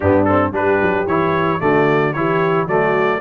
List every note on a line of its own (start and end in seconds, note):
0.00 0.51 G2
0.00 0.28 B3
0.00 0.52 D4
0.00 0.24 G4
0.24 0.52 C4
0.24 0.51 A4
0.51 0.78 G3
0.51 1.06 D4
0.51 1.61 G4
0.51 1.07 B4
0.82 1.07 F#3
1.07 1.60 E3
1.07 1.59 E4
1.07 1.60 C#5
1.59 2.15 D3
1.59 2.13 A3
1.59 2.14 F#4
1.59 2.13 D5
2.13 2.67 E3
2.13 2.68 E4
2.13 2.67 G4
2.13 2.66 C#5
2.67 3.20 F#3
2.67 3.21 A3
2.67 3.20 F#4
2.67 3.21 D5